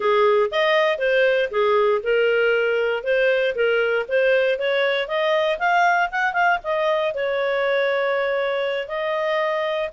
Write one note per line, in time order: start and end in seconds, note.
0.00 0.49 G#4
0.51 0.98 D#5
0.98 1.49 C5
1.50 2.01 G#4
2.03 3.03 A#4
3.03 3.54 C5
3.55 4.06 A#4
4.08 4.58 C5
4.58 5.07 C#5
5.07 5.58 D#5
5.58 6.09 F5
6.11 6.33 F#5
6.33 6.58 F5
6.63 7.14 D#5
7.14 8.88 C#5
8.88 9.89 D#5